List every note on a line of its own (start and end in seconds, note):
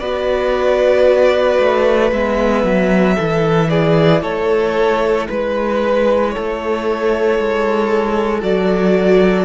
0.00 1.59 B3
0.00 2.13 F#4
0.00 3.15 B4
0.00 2.11 D5
1.59 2.12 A3
2.12 2.64 G#3
2.12 3.18 B3
2.12 3.70 E5
2.64 3.17 F#3
3.15 4.23 E3
3.15 8.43 E4
3.15 3.68 A4
3.70 4.22 G#4
3.70 4.23 D5
4.22 5.28 A3
4.22 5.27 A4
4.22 5.28 C#5
5.29 6.36 G#3
5.29 6.30 B4
5.29 6.34 B4
6.30 9.45 A4
6.30 8.41 C#5
6.38 7.39 A3
7.39 8.43 G#3
8.43 9.45 F#3
8.43 9.45 F#4
8.43 9.45 D5